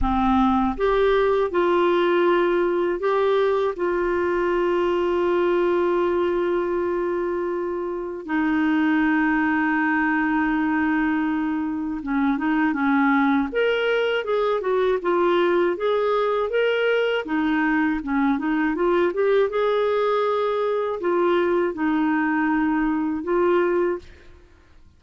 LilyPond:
\new Staff \with { instrumentName = "clarinet" } { \time 4/4 \tempo 4 = 80 c'4 g'4 f'2 | g'4 f'2.~ | f'2. dis'4~ | dis'1 |
cis'8 dis'8 cis'4 ais'4 gis'8 fis'8 | f'4 gis'4 ais'4 dis'4 | cis'8 dis'8 f'8 g'8 gis'2 | f'4 dis'2 f'4 | }